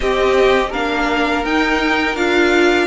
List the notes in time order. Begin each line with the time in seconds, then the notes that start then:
0.00 C4 G4 D#5
0.69 A#3 D4 A#4 F5
1.44 D#4 G5
2.15 D4 F4 F5